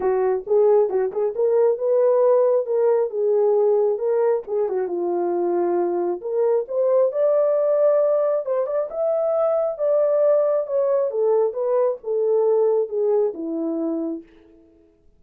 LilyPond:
\new Staff \with { instrumentName = "horn" } { \time 4/4 \tempo 4 = 135 fis'4 gis'4 fis'8 gis'8 ais'4 | b'2 ais'4 gis'4~ | gis'4 ais'4 gis'8 fis'8 f'4~ | f'2 ais'4 c''4 |
d''2. c''8 d''8 | e''2 d''2 | cis''4 a'4 b'4 a'4~ | a'4 gis'4 e'2 | }